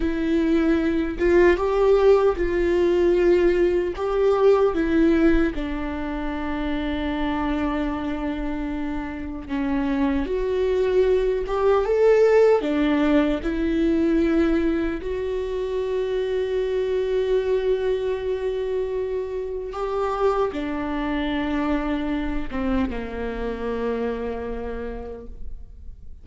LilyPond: \new Staff \with { instrumentName = "viola" } { \time 4/4 \tempo 4 = 76 e'4. f'8 g'4 f'4~ | f'4 g'4 e'4 d'4~ | d'1 | cis'4 fis'4. g'8 a'4 |
d'4 e'2 fis'4~ | fis'1~ | fis'4 g'4 d'2~ | d'8 c'8 ais2. | }